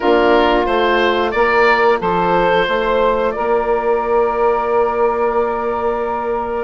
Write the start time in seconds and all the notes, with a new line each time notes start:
0.00 A#3 D4 F4 A#4
0.66 A3 F4 C5
1.31 A#3 A#4 D5
1.99 F3 A4 C5
2.67 A3 C5
3.30 A#4 D5
3.38 A#3